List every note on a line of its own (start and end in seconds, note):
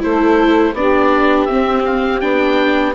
0.00 0.74 A3
0.00 0.73 E4
0.00 0.75 A4
0.00 0.76 C5
0.74 1.47 B3
0.74 1.49 D4
0.74 2.95 G4
0.74 1.45 D5
1.45 2.21 C4
1.45 1.82 E5
1.53 2.23 C4
1.85 2.21 F5
2.21 2.95 B3
2.21 2.95 D4
2.21 2.94 G5